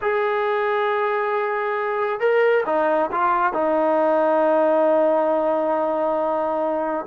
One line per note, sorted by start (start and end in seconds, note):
0.01 2.20 G#4
2.20 2.64 A#4
2.66 3.10 D#4
3.11 3.53 F4
3.53 7.06 D#4